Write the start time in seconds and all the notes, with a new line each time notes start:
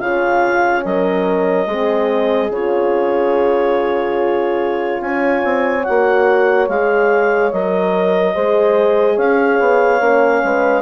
0.00 C#3 C#4 F4 F5
0.85 F#3 A#4 D#5
1.67 G#3 C4 G#4
2.50 C#3 F4 C#5
5.00 C#4 C#5 G#5
5.44 C4
5.84 A#3 F#4 F#5
6.68 G#3 G#4 F5
7.52 F#3 A#4 D#5
8.34 G#3 G#4 C5
9.16 C#4 C#5 F5
9.59 B3
10.00 A#3 C#4
10.44 G#3 B4